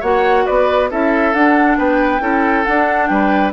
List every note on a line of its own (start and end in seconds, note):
0.00 0.46 A#3
0.00 0.90 F#4
0.00 0.44 C#5
0.00 0.46 F#5
0.46 0.91 B3
0.46 0.90 B4
0.46 0.90 D5
0.90 1.33 C#4
0.90 1.33 E4
0.90 1.78 A4
0.90 1.34 E5
1.33 2.20 D4
1.33 1.77 D4
1.33 1.78 F#5
1.78 2.20 B3
1.78 2.22 B4
1.78 2.65 G5
2.20 2.64 C#4
2.20 2.64 E4
2.20 3.10 A4
2.65 3.53 D4
2.65 3.10 D4
2.65 3.07 F#5
3.07 3.53 G3
3.07 3.53 B4
3.07 3.51 G5